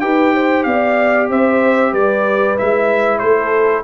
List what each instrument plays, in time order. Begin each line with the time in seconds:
0.00 tuba D#4, trombone G4, horn B4, trumpet G5
0.35 horn C5
0.64 tuba B3, horn D5, trumpet F5
1.30 tuba C4, horn C5, trumpet E5
1.92 tuba G3, horn B4, trumpet D5
2.59 tuba G#3, trombone E4, trumpet E5
3.19 tuba A3, horn A4, trumpet C5